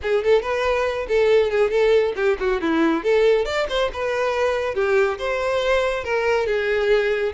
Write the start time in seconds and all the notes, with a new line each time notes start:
0.02 G#4
0.24 A4
0.42 B4
1.08 A4
1.50 G#4
1.70 A4
2.16 G4
2.39 F#4
2.61 E4
3.03 A4
3.45 D5
3.69 C5
3.93 B4
4.74 G4
5.18 C5
6.03 A#4
6.46 G#4